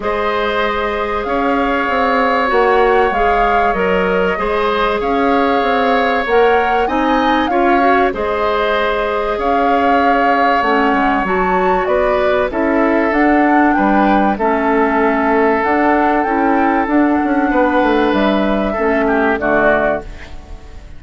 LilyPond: <<
  \new Staff \with { instrumentName = "flute" } { \time 4/4 \tempo 4 = 96 dis''2 f''2 | fis''4 f''4 dis''2 | f''2 fis''4 gis''4 | f''4 dis''2 f''4~ |
f''4 fis''4 a''4 d''4 | e''4 fis''4 g''4 e''4~ | e''4 fis''4 g''4 fis''4~ | fis''4 e''2 d''4 | }
  \new Staff \with { instrumentName = "oboe" } { \time 4/4 c''2 cis''2~ | cis''2. c''4 | cis''2. dis''4 | cis''4 c''2 cis''4~ |
cis''2. b'4 | a'2 b'4 a'4~ | a'1 | b'2 a'8 g'8 fis'4 | }
  \new Staff \with { instrumentName = "clarinet" } { \time 4/4 gis'1 | fis'4 gis'4 ais'4 gis'4~ | gis'2 ais'4 dis'4 | f'8 fis'8 gis'2.~ |
gis'4 cis'4 fis'2 | e'4 d'2 cis'4~ | cis'4 d'4 e'4 d'4~ | d'2 cis'4 a4 | }
  \new Staff \with { instrumentName = "bassoon" } { \time 4/4 gis2 cis'4 c'4 | ais4 gis4 fis4 gis4 | cis'4 c'4 ais4 c'4 | cis'4 gis2 cis'4~ |
cis'4 a8 gis8 fis4 b4 | cis'4 d'4 g4 a4~ | a4 d'4 cis'4 d'8 cis'8 | b8 a8 g4 a4 d4 | }
>>